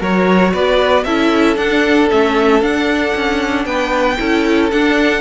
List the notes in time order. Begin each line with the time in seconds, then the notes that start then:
0.00 F#3 F#4 A#4 C#5
0.53 B3 B4 D5
1.04 C#4 E4 A4 E5
1.56 D4 F#5
2.10 A3 C#4 E5
2.62 D4 F#5
3.15 C#4
3.66 B3 B4 G5
4.18 C#4 E4 A4
4.71 D4 F#5